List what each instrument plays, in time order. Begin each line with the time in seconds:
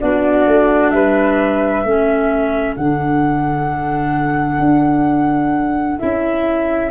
0.00 tuba B3, clarinet D4, flute F#4 D5
0.47 tuba A3
0.90 tuba G3, flute B4 E5
1.84 tuba A3, clarinet C#4, flute A4
2.76 tuba D3, clarinet D4, flute F#5
4.59 tuba D4
5.99 tuba C#4, clarinet E4, flute E5